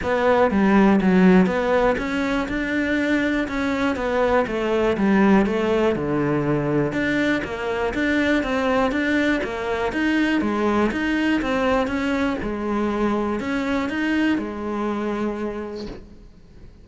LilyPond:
\new Staff \with { instrumentName = "cello" } { \time 4/4 \tempo 4 = 121 b4 g4 fis4 b4 | cis'4 d'2 cis'4 | b4 a4 g4 a4 | d2 d'4 ais4 |
d'4 c'4 d'4 ais4 | dis'4 gis4 dis'4 c'4 | cis'4 gis2 cis'4 | dis'4 gis2. | }